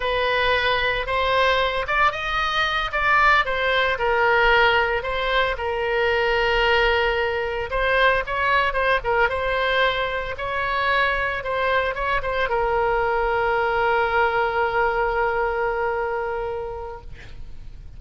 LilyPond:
\new Staff \with { instrumentName = "oboe" } { \time 4/4 \tempo 4 = 113 b'2 c''4. d''8 | dis''4. d''4 c''4 ais'8~ | ais'4. c''4 ais'4.~ | ais'2~ ais'8 c''4 cis''8~ |
cis''8 c''8 ais'8 c''2 cis''8~ | cis''4. c''4 cis''8 c''8 ais'8~ | ais'1~ | ais'1 | }